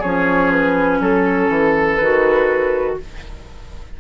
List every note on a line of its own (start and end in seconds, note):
0.00 1.00 F3
0.00 2.01 C#4
0.00 0.98 G#4
0.00 0.51 C#5
0.51 1.01 B4
1.00 1.49 F#3
1.00 1.96 A4
1.00 2.99 A4
1.49 1.98 E3
1.96 2.98 D#3
1.96 2.94 B4
2.02 3.00 F#4